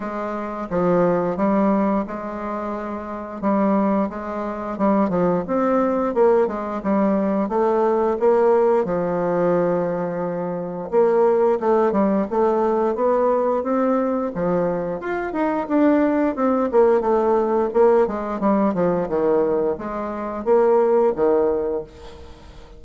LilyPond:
\new Staff \with { instrumentName = "bassoon" } { \time 4/4 \tempo 4 = 88 gis4 f4 g4 gis4~ | gis4 g4 gis4 g8 f8 | c'4 ais8 gis8 g4 a4 | ais4 f2. |
ais4 a8 g8 a4 b4 | c'4 f4 f'8 dis'8 d'4 | c'8 ais8 a4 ais8 gis8 g8 f8 | dis4 gis4 ais4 dis4 | }